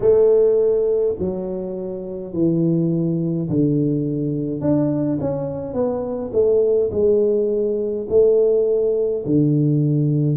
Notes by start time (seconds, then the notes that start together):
0.00 A3
1.19 F#3
2.33 E3
3.49 D3
4.60 D4
5.20 C#4
5.73 B3
6.33 A3
6.91 G#3
8.09 A3
9.25 D3